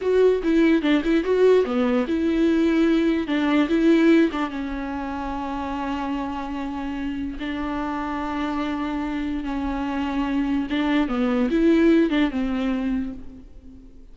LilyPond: \new Staff \with { instrumentName = "viola" } { \time 4/4 \tempo 4 = 146 fis'4 e'4 d'8 e'8 fis'4 | b4 e'2. | d'4 e'4. d'8 cis'4~ | cis'1~ |
cis'2 d'2~ | d'2. cis'4~ | cis'2 d'4 b4 | e'4. d'8 c'2 | }